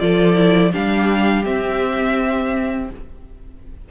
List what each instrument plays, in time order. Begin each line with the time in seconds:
0.00 cello F3, viola F4, violin A4 D5
0.35 viola E4
0.72 cello G3, viola D4, violin G4 F5
1.45 viola C4, cello C4, violin E5